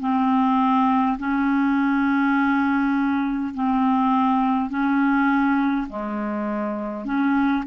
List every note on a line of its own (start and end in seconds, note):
0.00 1.18 C4
1.18 3.53 C#4
3.54 4.70 C4
4.70 5.87 C#4
5.89 7.05 G#3
7.05 7.64 C#4